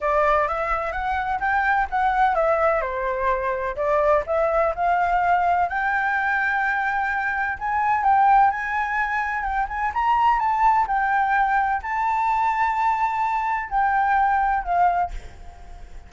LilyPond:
\new Staff \with { instrumentName = "flute" } { \time 4/4 \tempo 4 = 127 d''4 e''4 fis''4 g''4 | fis''4 e''4 c''2 | d''4 e''4 f''2 | g''1 |
gis''4 g''4 gis''2 | g''8 gis''8 ais''4 a''4 g''4~ | g''4 a''2.~ | a''4 g''2 f''4 | }